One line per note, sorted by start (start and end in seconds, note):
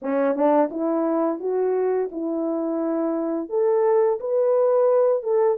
0.02 0.35 C#4
0.35 0.69 D4
0.70 1.40 E4
1.40 2.09 F#4
2.11 3.49 E4
3.49 4.19 A4
4.20 5.22 B4
5.22 5.57 A4